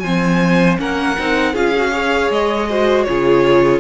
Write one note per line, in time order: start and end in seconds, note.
0.00 0.79 F3
0.00 0.78 C4
0.00 0.80 C5
0.00 0.76 G#5
0.78 1.17 A#3
0.78 1.16 C#4
0.78 1.53 A#4
0.78 1.56 F#5
1.19 1.54 C4
1.19 1.55 D#4
1.53 2.30 C#4
1.53 1.74 F4
1.53 1.91 G#4
1.53 2.31 F5
1.77 1.92 F#4
1.92 2.68 G#4
1.92 2.69 C#5
2.30 3.06 G#3
2.30 3.04 D#5
2.69 3.08 F#4
2.69 3.07 C5
3.04 3.81 C#3
3.04 3.81 F4
3.04 3.81 G#4
3.04 3.80 C#5